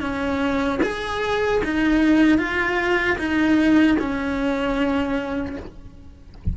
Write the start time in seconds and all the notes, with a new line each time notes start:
0.00 C#4
0.82 G#4
1.64 D#4
2.38 F4
3.18 D#4
3.99 C#4